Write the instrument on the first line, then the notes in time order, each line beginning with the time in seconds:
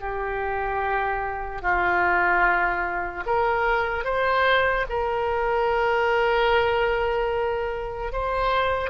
oboe
0.00 G4
1.61 F4
3.26 A#4
4.04 C5
4.89 A#4
8.12 C5